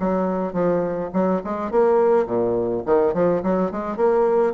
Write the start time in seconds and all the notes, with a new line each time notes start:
0.00 F#3
0.54 F3
1.14 F#3
1.44 G#3
1.71 A#3
2.26 A#2
2.86 D#3
3.14 F3
3.43 F#3
3.72 G#3
3.97 A#3